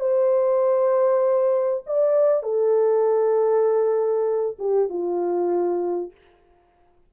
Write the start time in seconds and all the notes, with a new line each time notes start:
0.00 C5
1.86 D5
2.43 A4
4.58 G4
4.89 F4